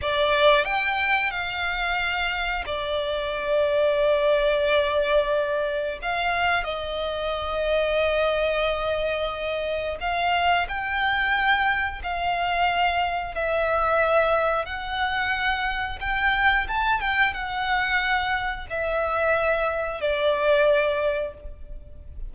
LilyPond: \new Staff \with { instrumentName = "violin" } { \time 4/4 \tempo 4 = 90 d''4 g''4 f''2 | d''1~ | d''4 f''4 dis''2~ | dis''2. f''4 |
g''2 f''2 | e''2 fis''2 | g''4 a''8 g''8 fis''2 | e''2 d''2 | }